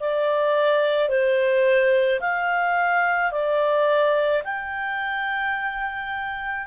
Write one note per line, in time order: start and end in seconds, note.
0.00 1.09 D5
1.09 2.20 C5
2.20 3.31 F5
3.31 4.42 D5
4.44 6.66 G5